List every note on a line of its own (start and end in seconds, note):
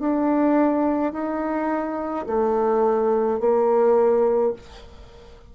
0.00 1.13 D4
1.13 2.26 D#4
2.27 3.40 A3
3.40 4.53 A#3